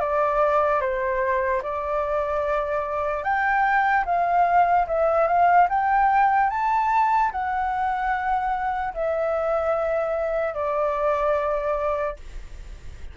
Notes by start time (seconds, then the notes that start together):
0.00 D5
0.81 C5
1.63 D5
3.23 G5
4.05 F5
4.87 E5
5.27 F5
5.69 G5
6.50 A5
7.32 F#5
8.94 E5
10.54 D5